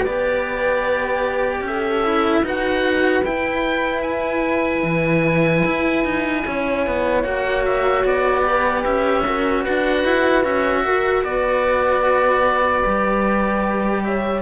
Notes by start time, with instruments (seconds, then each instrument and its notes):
0.00 cello B3, horn B4, oboe D5
0.07 cello G4
1.61 cello C#4, horn A4, oboe E5
2.04 cello E4
2.42 cello D#4 F#4, horn B4, oboe F#5
3.24 cello E4, oboe G5
4.02 oboe G#5
4.83 cello E3
5.65 cello E4
6.05 cello D#4
6.46 cello C#4, horn C#5
6.87 cello B3
7.23 cello A#3 F#4, oboe F#5
7.66 oboe E5
8.05 cello B3, oboe D5
8.43 cello G4, horn B4
8.85 cello C#4, oboe E5
9.26 cello F#4, horn A#4
9.61 horn B4, oboe F#5
9.68 cello D4
10.04 cello E4
10.44 cello C#4 F#4, oboe E5
10.84 cello F#4, horn A#4
11.24 cello B3, horn B4, oboe D5
12.84 cello G3 G4
14.04 horn C#5, oboe E5